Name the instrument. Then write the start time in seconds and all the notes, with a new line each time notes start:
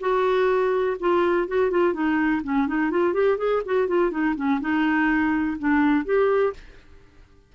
clarinet
0.00 F#4
1.00 F4
1.48 F#4
1.70 F4
1.93 D#4
2.43 C#4
2.67 D#4
2.90 F4
3.13 G4
3.38 G#4
3.65 F#4
3.88 F4
4.11 D#4
4.36 C#4
4.60 D#4
5.58 D4
6.05 G4